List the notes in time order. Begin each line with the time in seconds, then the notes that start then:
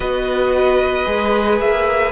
0.00 B3 F#4 B4 D#5
1.05 G#3 G#4
1.60 A#3 E5